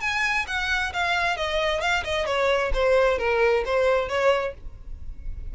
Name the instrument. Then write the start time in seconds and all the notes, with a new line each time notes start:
violin
0.00 G#5
0.47 F#5
0.93 F5
1.37 D#5
1.81 F5
2.04 D#5
2.26 C#5
2.73 C5
3.18 A#4
3.65 C5
4.08 C#5